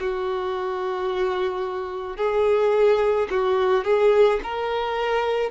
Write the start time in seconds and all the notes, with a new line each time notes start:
0.00 F#4
2.17 G#4
3.30 F#4
3.84 G#4
4.43 A#4